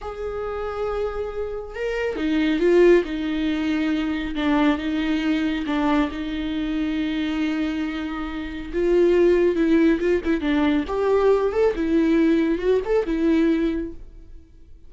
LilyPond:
\new Staff \with { instrumentName = "viola" } { \time 4/4 \tempo 4 = 138 gis'1 | ais'4 dis'4 f'4 dis'4~ | dis'2 d'4 dis'4~ | dis'4 d'4 dis'2~ |
dis'1 | f'2 e'4 f'8 e'8 | d'4 g'4. a'8 e'4~ | e'4 fis'8 a'8 e'2 | }